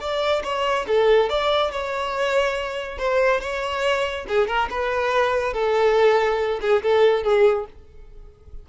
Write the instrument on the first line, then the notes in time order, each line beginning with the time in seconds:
violin
0.00 D5
0.43 C#5
0.87 A4
1.29 D5
1.71 C#5
2.98 C5
3.40 C#5
4.28 G#4
4.47 A#4
4.70 B4
5.53 A4
6.61 G#4
6.82 A4
7.23 G#4